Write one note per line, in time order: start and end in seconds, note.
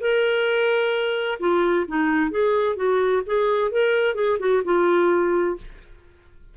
0.00 1.38 A#4
1.39 1.85 F4
1.87 2.30 D#4
2.30 2.76 G#4
2.76 3.22 F#4
3.26 3.71 G#4
3.71 4.15 A#4
4.15 4.38 G#4
4.39 4.62 F#4
4.64 5.56 F4